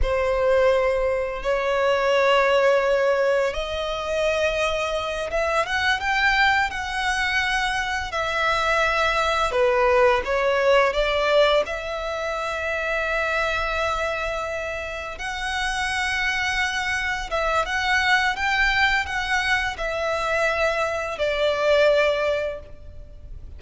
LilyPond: \new Staff \with { instrumentName = "violin" } { \time 4/4 \tempo 4 = 85 c''2 cis''2~ | cis''4 dis''2~ dis''8 e''8 | fis''8 g''4 fis''2 e''8~ | e''4. b'4 cis''4 d''8~ |
d''8 e''2.~ e''8~ | e''4. fis''2~ fis''8~ | fis''8 e''8 fis''4 g''4 fis''4 | e''2 d''2 | }